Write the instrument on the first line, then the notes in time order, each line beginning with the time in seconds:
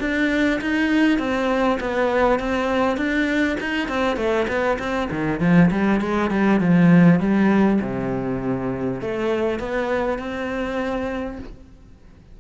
cello
0.00 D4
0.61 D#4
1.18 C4
1.80 B3
2.39 C4
2.97 D4
3.61 D#4
3.88 C4
4.17 A3
4.48 B3
4.79 C4
5.11 D#3
5.40 F3
5.71 G3
6.01 G#3
6.31 G3
6.60 F3
7.20 G3
7.81 C3
9.01 A3
9.59 B3
10.19 C4